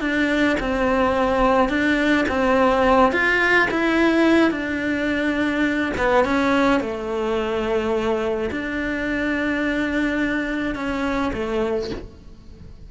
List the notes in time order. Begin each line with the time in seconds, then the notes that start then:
0.00 D4
0.59 C4
1.69 D4
2.28 C4
3.12 F4
3.70 E4
4.51 D4
5.97 B3
6.24 C#4
6.80 A3
8.51 D4
10.75 C#4
11.33 A3